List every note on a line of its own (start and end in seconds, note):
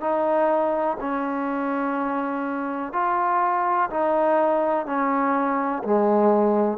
0.00 0.97 D#4
1.00 2.93 C#4
2.93 3.90 F4
3.90 4.86 D#4
4.86 5.83 C#4
5.84 6.78 G#3